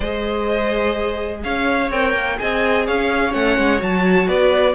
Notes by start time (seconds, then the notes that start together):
0.00 G#3 G#4 C5 D#5
1.43 C#4 C#5 F5
1.90 C4 A#4 G5
2.13 A#3
2.37 C4 G#4 D#5 G#5
2.86 C#4 C#5 F5
3.31 A3 C#4 F#5
3.57 G#3
3.79 F#3 F#4 A5
4.27 B3 B4 D5